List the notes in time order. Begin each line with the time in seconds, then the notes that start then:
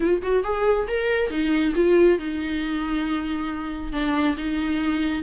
0.00 F4
0.22 F#4
0.43 G#4
0.87 A#4
1.30 D#4
1.75 F4
2.18 D#4
3.92 D4
4.37 D#4